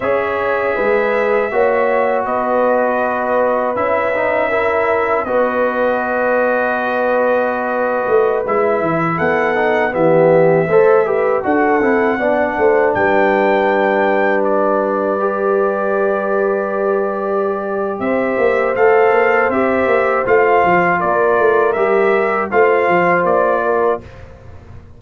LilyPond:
<<
  \new Staff \with { instrumentName = "trumpet" } { \time 4/4 \tempo 4 = 80 e''2. dis''4~ | dis''4 e''2 dis''4~ | dis''2.~ dis''16 e''8.~ | e''16 fis''4 e''2 fis''8.~ |
fis''4~ fis''16 g''2 d''8.~ | d''1 | e''4 f''4 e''4 f''4 | d''4 e''4 f''4 d''4 | }
  \new Staff \with { instrumentName = "horn" } { \time 4/4 cis''4 b'4 cis''4 b'4~ | b'2 ais'4 b'4~ | b'1~ | b'16 a'4 g'4 c''8 b'8 a'8.~ |
a'16 d''8 c''8 b'2~ b'8.~ | b'1 | c''1 | ais'2 c''4. ais'8 | }
  \new Staff \with { instrumentName = "trombone" } { \time 4/4 gis'2 fis'2~ | fis'4 e'8 dis'8 e'4 fis'4~ | fis'2.~ fis'16 e'8.~ | e'8. dis'8 b4 a'8 g'8 fis'8 e'16~ |
e'16 d'2.~ d'8.~ | d'16 g'2.~ g'8.~ | g'4 a'4 g'4 f'4~ | f'4 g'4 f'2 | }
  \new Staff \with { instrumentName = "tuba" } { \time 4/4 cis'4 gis4 ais4 b4~ | b4 cis'2 b4~ | b2~ b8. a8 gis8 e16~ | e16 b4 e4 a4 d'8 c'16~ |
c'16 b8 a8 g2~ g8.~ | g1 | c'8 ais8 a8 ais8 c'8 ais8 a8 f8 | ais8 a8 g4 a8 f8 ais4 | }
>>